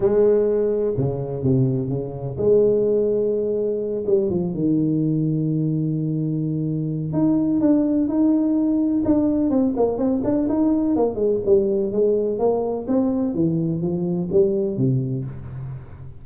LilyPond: \new Staff \with { instrumentName = "tuba" } { \time 4/4 \tempo 4 = 126 gis2 cis4 c4 | cis4 gis2.~ | gis8 g8 f8 dis2~ dis8~ | dis2. dis'4 |
d'4 dis'2 d'4 | c'8 ais8 c'8 d'8 dis'4 ais8 gis8 | g4 gis4 ais4 c'4 | e4 f4 g4 c4 | }